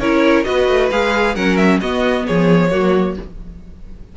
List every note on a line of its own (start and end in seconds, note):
0.00 0.45 C#4
0.00 0.44 E4
0.00 0.45 A#4
0.00 0.44 C#5
0.44 0.68 B3
0.44 0.89 F#4
0.44 1.35 B4
0.44 0.89 D#5
0.68 0.91 A3
0.91 1.36 G#3
0.91 1.36 G#4
0.91 1.36 F5
1.35 1.81 F#3
1.35 1.81 C#4
1.35 1.80 A#4
1.35 1.57 F#5
1.57 1.79 E5
1.81 2.70 B3
1.81 2.27 B3
1.81 2.26 F#4
1.81 2.26 D#5
2.27 2.72 F3
2.27 2.71 G#4
2.27 3.17 C#5
2.70 3.17 F#3
2.70 3.16 A#3
2.70 3.16 F#4